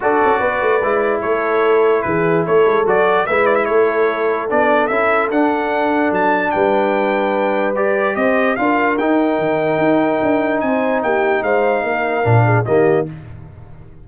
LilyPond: <<
  \new Staff \with { instrumentName = "trumpet" } { \time 4/4 \tempo 4 = 147 d''2. cis''4~ | cis''4 b'4 cis''4 d''4 | e''8 d''16 e''16 cis''2 d''4 | e''4 fis''2 a''4 |
g''2. d''4 | dis''4 f''4 g''2~ | g''2 gis''4 g''4 | f''2. dis''4 | }
  \new Staff \with { instrumentName = "horn" } { \time 4/4 a'4 b'2 a'4~ | a'4 gis'4 a'2 | b'4 a'2.~ | a'1 |
b'1 | c''4 ais'2.~ | ais'2 c''4 g'4 | c''4 ais'4. gis'8 g'4 | }
  \new Staff \with { instrumentName = "trombone" } { \time 4/4 fis'2 e'2~ | e'2. fis'4 | e'2. d'4 | e'4 d'2.~ |
d'2. g'4~ | g'4 f'4 dis'2~ | dis'1~ | dis'2 d'4 ais4 | }
  \new Staff \with { instrumentName = "tuba" } { \time 4/4 d'8 cis'8 b8 a8 gis4 a4~ | a4 e4 a8 gis8 fis4 | gis4 a2 b4 | cis'4 d'2 fis4 |
g1 | c'4 d'4 dis'4 dis4 | dis'4 d'4 c'4 ais4 | gis4 ais4 ais,4 dis4 | }
>>